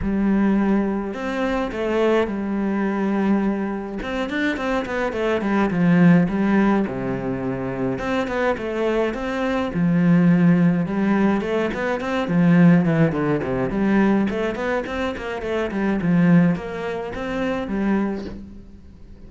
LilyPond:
\new Staff \with { instrumentName = "cello" } { \time 4/4 \tempo 4 = 105 g2 c'4 a4 | g2. c'8 d'8 | c'8 b8 a8 g8 f4 g4 | c2 c'8 b8 a4 |
c'4 f2 g4 | a8 b8 c'8 f4 e8 d8 c8 | g4 a8 b8 c'8 ais8 a8 g8 | f4 ais4 c'4 g4 | }